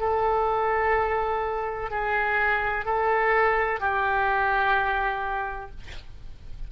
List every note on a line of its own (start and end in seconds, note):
0.00 1.90 A4
1.90 2.85 G#4
2.85 3.80 A4
3.80 5.71 G4